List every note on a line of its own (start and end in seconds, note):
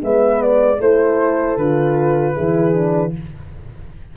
0.00 0.79 G#3
0.00 0.78 B3
0.00 0.80 B4
0.00 0.41 E5
0.41 0.80 D5
0.79 1.57 A3
0.79 1.59 E4
0.79 2.34 A4
0.79 1.57 C5
1.57 2.35 D3
1.57 2.34 F4
1.57 3.13 B4
2.34 3.16 E3
2.34 2.73 E4
2.34 3.12 G#4
2.73 3.12 D4